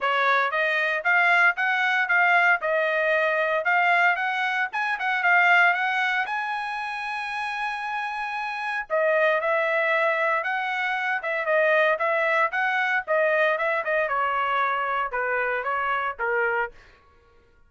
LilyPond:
\new Staff \with { instrumentName = "trumpet" } { \time 4/4 \tempo 4 = 115 cis''4 dis''4 f''4 fis''4 | f''4 dis''2 f''4 | fis''4 gis''8 fis''8 f''4 fis''4 | gis''1~ |
gis''4 dis''4 e''2 | fis''4. e''8 dis''4 e''4 | fis''4 dis''4 e''8 dis''8 cis''4~ | cis''4 b'4 cis''4 ais'4 | }